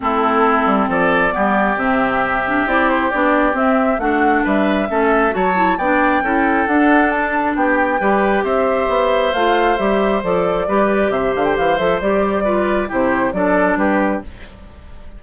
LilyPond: <<
  \new Staff \with { instrumentName = "flute" } { \time 4/4 \tempo 4 = 135 a'2 d''2 | e''2 d''8 c''8 d''4 | e''4 fis''4 e''2 | a''4 g''2 fis''4 |
a''4 g''2 e''4~ | e''4 f''4 e''4 d''4~ | d''4 e''8 f''16 g''16 f''8 e''8 d''4~ | d''4 c''4 d''4 b'4 | }
  \new Staff \with { instrumentName = "oboe" } { \time 4/4 e'2 a'4 g'4~ | g'1~ | g'4 fis'4 b'4 a'4 | cis''4 d''4 a'2~ |
a'4 g'4 b'4 c''4~ | c''1 | b'4 c''2. | b'4 g'4 a'4 g'4 | }
  \new Staff \with { instrumentName = "clarinet" } { \time 4/4 c'2. b4 | c'4. d'8 e'4 d'4 | c'4 d'2 cis'4 | fis'8 e'8 d'4 e'4 d'4~ |
d'2 g'2~ | g'4 f'4 g'4 a'4 | g'2~ g'8 a'8 g'4 | f'4 e'4 d'2 | }
  \new Staff \with { instrumentName = "bassoon" } { \time 4/4 a4. g8 f4 g4 | c2 c'4 b4 | c'4 a4 g4 a4 | fis4 b4 cis'4 d'4~ |
d'4 b4 g4 c'4 | b4 a4 g4 f4 | g4 c8 d8 e8 f8 g4~ | g4 c4 fis4 g4 | }
>>